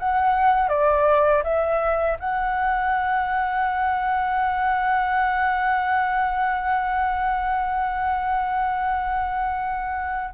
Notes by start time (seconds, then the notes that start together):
0.00 F#5
0.69 D5
1.44 E5
2.20 F#5